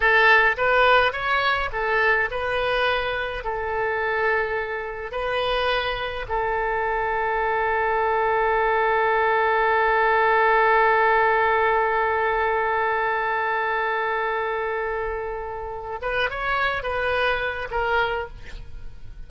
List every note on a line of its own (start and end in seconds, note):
0.00 0.56 A4
0.57 1.12 B4
1.12 1.69 C#5
1.72 2.29 A4
2.30 3.44 B4
3.44 5.11 A4
5.11 6.25 B4
6.28 15.99 A4
16.01 16.30 B4
16.30 16.82 C#5
16.82 17.68 B4
17.71 18.28 A#4